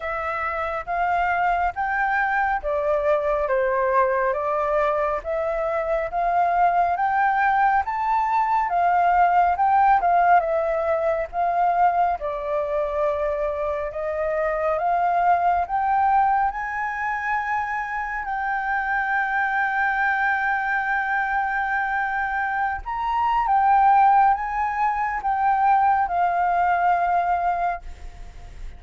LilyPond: \new Staff \with { instrumentName = "flute" } { \time 4/4 \tempo 4 = 69 e''4 f''4 g''4 d''4 | c''4 d''4 e''4 f''4 | g''4 a''4 f''4 g''8 f''8 | e''4 f''4 d''2 |
dis''4 f''4 g''4 gis''4~ | gis''4 g''2.~ | g''2~ g''16 ais''8. g''4 | gis''4 g''4 f''2 | }